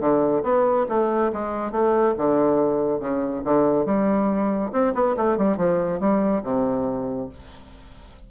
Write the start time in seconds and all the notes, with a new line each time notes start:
0.00 D3
0.43 B3
0.89 A3
1.33 G#3
1.72 A3
2.18 D3
3.00 C#3
3.45 D3
3.86 G3
4.72 C4
4.94 B3
5.17 A3
5.38 G3
5.58 F3
6.00 G3
6.43 C3